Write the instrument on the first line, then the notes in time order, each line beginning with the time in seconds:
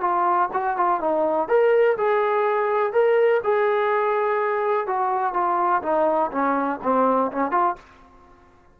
trombone
0.00 F4
0.53 F#4
0.77 F4
1.00 D#4
1.48 A#4
1.97 G#4
2.92 A#4
3.43 G#4
4.87 F#4
5.33 F4
5.82 D#4
6.31 C#4
6.82 C4
7.31 C#4
7.51 F4